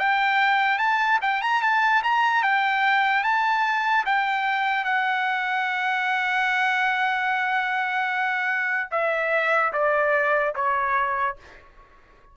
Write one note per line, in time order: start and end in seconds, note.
0.00 0.79 G5
0.79 1.20 A5
1.22 1.42 G5
1.42 1.63 A#5
1.63 2.03 A5
2.03 2.44 A#5
2.44 3.24 G5
3.24 4.05 A5
4.06 4.85 G5
4.85 8.90 F#5
8.92 9.73 E5
9.73 10.54 D5
10.56 11.37 C#5